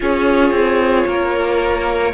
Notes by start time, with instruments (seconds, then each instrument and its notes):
0.00 cello C#4, viola F4, violin G#4 C#5
0.51 cello C4
1.06 cello A#3, violin A#4